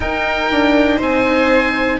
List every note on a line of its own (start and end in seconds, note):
0.00 0.49 D#4
0.00 1.99 D#4
0.00 0.96 A#4
0.00 0.99 G5
0.51 1.00 D4
0.96 1.99 C4
0.96 1.96 C5
1.02 1.99 G#5